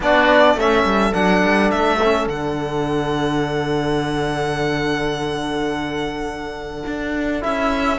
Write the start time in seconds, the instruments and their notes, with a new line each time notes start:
0.00 cello B3, trombone D4, oboe F#4, violin D5
0.54 cello A3, trombone C#4, oboe A4, violin E5
0.84 cello G3
1.13 cello F#3, trombone D4, violin F#5
1.42 cello G3
1.70 cello A3, violin E5
2.02 trombone C#4
2.26 cello D3, trombone D4, violin F#5
6.86 cello D4
7.40 cello C#4, trombone E4, violin E5